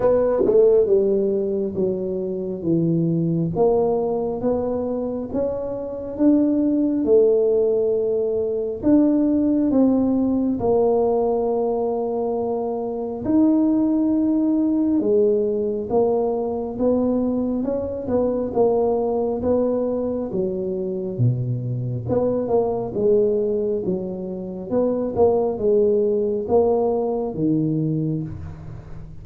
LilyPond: \new Staff \with { instrumentName = "tuba" } { \time 4/4 \tempo 4 = 68 b8 a8 g4 fis4 e4 | ais4 b4 cis'4 d'4 | a2 d'4 c'4 | ais2. dis'4~ |
dis'4 gis4 ais4 b4 | cis'8 b8 ais4 b4 fis4 | b,4 b8 ais8 gis4 fis4 | b8 ais8 gis4 ais4 dis4 | }